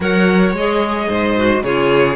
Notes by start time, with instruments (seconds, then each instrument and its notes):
0.00 cello F#3, clarinet A#4, violin C#5 F#5
0.52 cello G#3, clarinet G#4, violin D#5
1.08 cello G#2, violin C5
1.36 clarinet F#4
1.62 cello C#3, clarinet F4, violin G#4 C#5